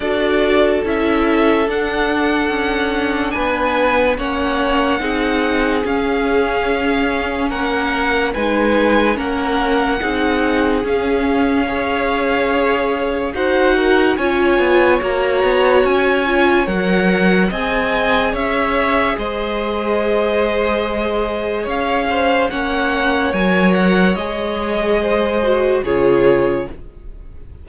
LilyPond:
<<
  \new Staff \with { instrumentName = "violin" } { \time 4/4 \tempo 4 = 72 d''4 e''4 fis''2 | gis''4 fis''2 f''4~ | f''4 fis''4 gis''4 fis''4~ | fis''4 f''2. |
fis''4 gis''4 ais''4 gis''4 | fis''4 gis''4 e''4 dis''4~ | dis''2 f''4 fis''4 | gis''8 fis''8 dis''2 cis''4 | }
  \new Staff \with { instrumentName = "violin" } { \time 4/4 a'1 | b'4 cis''4 gis'2~ | gis'4 ais'4 b'4 ais'4 | gis'2 cis''2 |
c''8 ais'8 cis''2.~ | cis''4 dis''4 cis''4 c''4~ | c''2 cis''8 c''8 cis''4~ | cis''2 c''4 gis'4 | }
  \new Staff \with { instrumentName = "viola" } { \time 4/4 fis'4 e'4 d'2~ | d'4 cis'4 dis'4 cis'4~ | cis'2 dis'4 cis'4 | dis'4 cis'4 gis'2 |
fis'4 f'4 fis'4. f'8 | ais'4 gis'2.~ | gis'2. cis'4 | ais'4 gis'4. fis'8 f'4 | }
  \new Staff \with { instrumentName = "cello" } { \time 4/4 d'4 cis'4 d'4 cis'4 | b4 ais4 c'4 cis'4~ | cis'4 ais4 gis4 ais4 | c'4 cis'2. |
dis'4 cis'8 b8 ais8 b8 cis'4 | fis4 c'4 cis'4 gis4~ | gis2 cis'4 ais4 | fis4 gis2 cis4 | }
>>